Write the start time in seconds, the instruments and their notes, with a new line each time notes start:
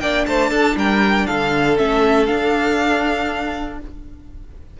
0.00 cello A#3, viola D4, violin D5 G5
0.26 cello A3, violin C5 A5
0.51 cello D4, violin A4
0.76 cello G3, violin A#4 G5
1.26 cello D3, violin A4 F5
1.76 cello A3, viola C#4, violin E5
2.26 viola D4, cello D4, violin F5